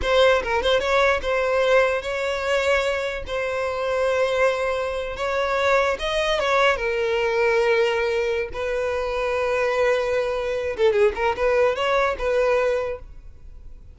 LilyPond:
\new Staff \with { instrumentName = "violin" } { \time 4/4 \tempo 4 = 148 c''4 ais'8 c''8 cis''4 c''4~ | c''4 cis''2. | c''1~ | c''8. cis''2 dis''4 cis''16~ |
cis''8. ais'2.~ ais'16~ | ais'4 b'2.~ | b'2~ b'8 a'8 gis'8 ais'8 | b'4 cis''4 b'2 | }